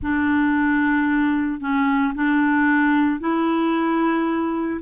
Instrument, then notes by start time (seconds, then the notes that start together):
clarinet
0.02 D4
1.60 C#4
2.14 D4
3.19 E4